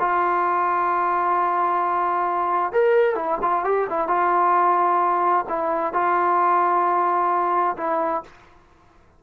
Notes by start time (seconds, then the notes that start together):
0.00 F4
2.73 A#4
3.16 E4
3.42 F4
3.65 G4
3.90 E4
4.08 F4
5.49 E4
5.94 F4
7.78 E4